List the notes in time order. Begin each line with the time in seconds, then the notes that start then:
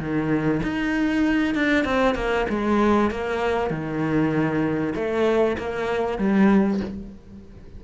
0.00 D#3
0.64 D#4
1.55 D4
1.85 C4
2.16 A#3
2.50 G#3
3.11 A#3
3.71 D#3
4.95 A3
5.58 A#3
6.19 G3